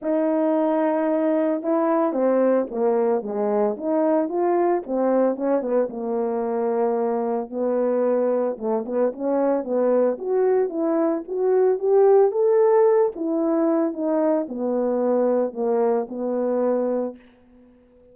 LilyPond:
\new Staff \with { instrumentName = "horn" } { \time 4/4 \tempo 4 = 112 dis'2. e'4 | c'4 ais4 gis4 dis'4 | f'4 c'4 cis'8 b8 ais4~ | ais2 b2 |
a8 b8 cis'4 b4 fis'4 | e'4 fis'4 g'4 a'4~ | a'8 e'4. dis'4 b4~ | b4 ais4 b2 | }